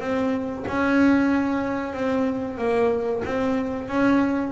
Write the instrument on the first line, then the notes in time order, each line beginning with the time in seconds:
double bass
0.00 C4
0.67 C#4
1.94 C4
2.58 A#3
3.25 C4
3.88 C#4